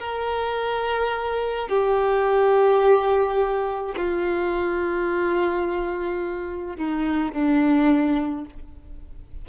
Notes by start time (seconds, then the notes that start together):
0.00 A#4
1.69 G4
3.97 F4
6.77 D#4
7.32 D4